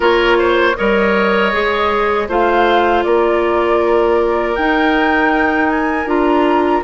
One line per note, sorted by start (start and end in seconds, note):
0.00 0.74 A#3
0.00 0.73 F4
0.00 0.37 A#4
0.00 0.76 C#5
0.38 0.76 C5
0.76 1.53 G3
0.76 1.52 A#4
0.76 2.28 C#5
0.76 2.28 D#5
1.52 2.28 G#3
1.52 2.28 G#4
2.28 3.04 A3
2.28 4.56 F4
2.28 3.04 C5
2.28 3.03 F5
3.03 4.57 A#3
3.03 6.84 A#4
3.03 4.55 D5
4.55 6.05 D#4
4.55 6.06 D#4
4.55 5.69 G5
5.69 6.07 G#5
6.05 6.81 D4
6.05 6.82 F4
6.05 6.83 A#5